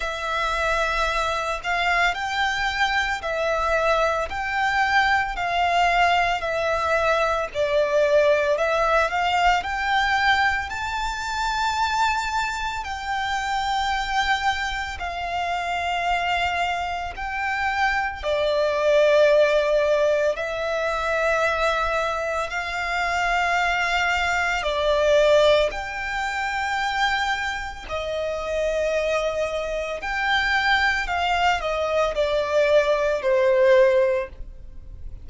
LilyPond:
\new Staff \with { instrumentName = "violin" } { \time 4/4 \tempo 4 = 56 e''4. f''8 g''4 e''4 | g''4 f''4 e''4 d''4 | e''8 f''8 g''4 a''2 | g''2 f''2 |
g''4 d''2 e''4~ | e''4 f''2 d''4 | g''2 dis''2 | g''4 f''8 dis''8 d''4 c''4 | }